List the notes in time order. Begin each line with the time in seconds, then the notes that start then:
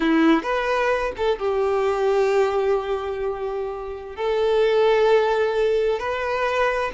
0.00 E4
0.42 B4
1.16 A4
1.38 G4
4.16 A4
5.99 B4